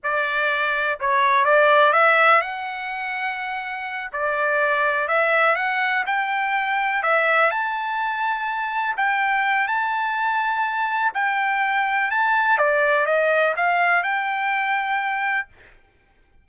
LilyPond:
\new Staff \with { instrumentName = "trumpet" } { \time 4/4 \tempo 4 = 124 d''2 cis''4 d''4 | e''4 fis''2.~ | fis''8 d''2 e''4 fis''8~ | fis''8 g''2 e''4 a''8~ |
a''2~ a''8 g''4. | a''2. g''4~ | g''4 a''4 d''4 dis''4 | f''4 g''2. | }